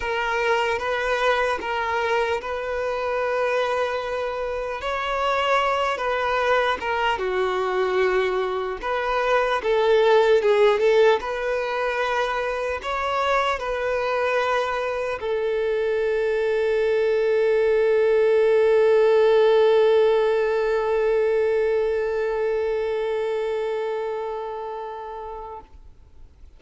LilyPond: \new Staff \with { instrumentName = "violin" } { \time 4/4 \tempo 4 = 75 ais'4 b'4 ais'4 b'4~ | b'2 cis''4. b'8~ | b'8 ais'8 fis'2 b'4 | a'4 gis'8 a'8 b'2 |
cis''4 b'2 a'4~ | a'1~ | a'1~ | a'1 | }